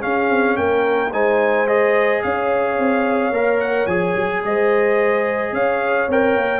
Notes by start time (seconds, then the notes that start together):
0.00 C#4 G#4 F5
0.30 C4
0.56 A#3 A#4 G5
1.13 G#3 D#4 C5 G#5
1.67 G#4 D#5
2.23 C#4 C#5 F5
2.79 C4
3.31 A#3 A#4
3.60 F#5
3.87 F3 G#4 G#5
4.16 F#3
4.43 G#3 C5 D#5
5.53 C#4 C#5 F5
6.09 C4 A#4 G5
6.36 A#3